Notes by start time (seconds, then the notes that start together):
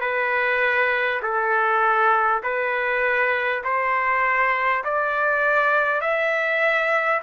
0.00 B4
1.22 A4
2.43 B4
3.63 C5
4.84 D5
6.01 E5